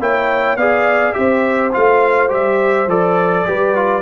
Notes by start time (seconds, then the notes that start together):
0.00 A#3 E4 C#5 G5
0.56 B3 G#4 D5 F5
1.13 C4 G4 C5 E5
1.73 A3 F4 F5
2.29 G3 G4 E5
2.88 F3 A4 D5
3.46 G3 G4 B4
3.75 F4